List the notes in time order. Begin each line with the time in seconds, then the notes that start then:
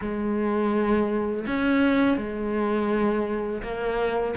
0.01 G#3
1.47 C#4
2.17 G#3
3.62 A#3